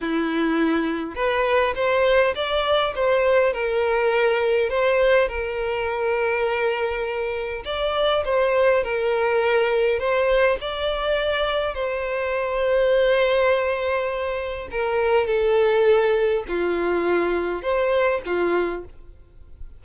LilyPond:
\new Staff \with { instrumentName = "violin" } { \time 4/4 \tempo 4 = 102 e'2 b'4 c''4 | d''4 c''4 ais'2 | c''4 ais'2.~ | ais'4 d''4 c''4 ais'4~ |
ais'4 c''4 d''2 | c''1~ | c''4 ais'4 a'2 | f'2 c''4 f'4 | }